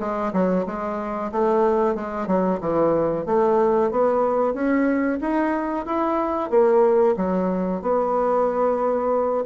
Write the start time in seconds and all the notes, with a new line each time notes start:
0.00 G#3
0.33 F#3
0.66 G#3
1.32 A3
1.95 G#3
2.27 F#3
2.61 E3
3.26 A3
3.91 B3
4.54 C#4
5.21 D#4
5.86 E4
6.50 A#3
7.17 F#3
7.82 B3